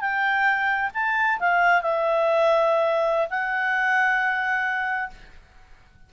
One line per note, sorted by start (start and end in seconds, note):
0.00 0.90 G5
0.94 1.39 A5
1.39 1.81 F5
1.81 3.28 E5
3.30 5.10 F#5